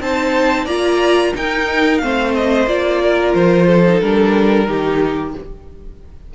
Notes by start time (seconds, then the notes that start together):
0.00 C4 D#4 C5 A5
0.65 A#3 F4 D5 A#5
1.34 D#4 A#4 G5
1.98 A3 C4 C5 F5
2.35 D#5
2.67 A#3 F4 D5
3.03 A#4
3.34 F3 C5
3.67 A4
3.87 D#4
4.01 G3 D4 A#4
4.67 D#3 D#4 G4